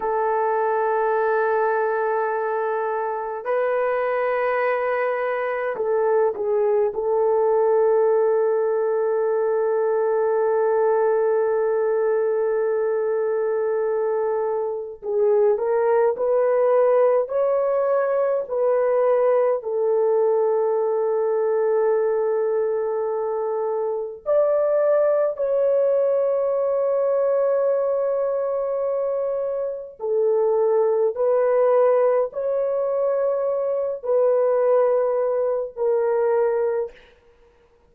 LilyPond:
\new Staff \with { instrumentName = "horn" } { \time 4/4 \tempo 4 = 52 a'2. b'4~ | b'4 a'8 gis'8 a'2~ | a'1~ | a'4 gis'8 ais'8 b'4 cis''4 |
b'4 a'2.~ | a'4 d''4 cis''2~ | cis''2 a'4 b'4 | cis''4. b'4. ais'4 | }